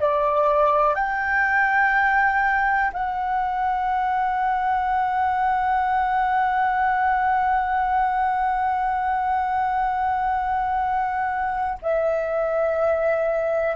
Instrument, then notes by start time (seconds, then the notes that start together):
flute
0.00 D5
0.95 G5
2.94 F#5
11.83 E5